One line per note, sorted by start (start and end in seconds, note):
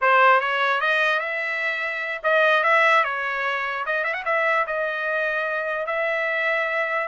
0.01 0.40 C5
0.40 0.80 C#5
0.80 1.19 D#5
1.19 2.21 E5
2.23 2.63 D#5
2.63 3.04 E5
3.04 3.85 C#5
3.86 4.04 D#5
4.04 4.13 E5
4.13 4.23 F#5
4.25 4.65 E5
4.66 5.86 D#5
5.86 7.07 E5